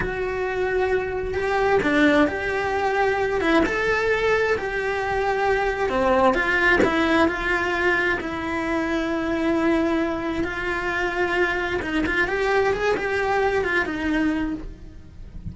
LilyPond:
\new Staff \with { instrumentName = "cello" } { \time 4/4 \tempo 4 = 132 fis'2. g'4 | d'4 g'2~ g'8 e'8 | a'2 g'2~ | g'4 c'4 f'4 e'4 |
f'2 e'2~ | e'2. f'4~ | f'2 dis'8 f'8 g'4 | gis'8 g'4. f'8 dis'4. | }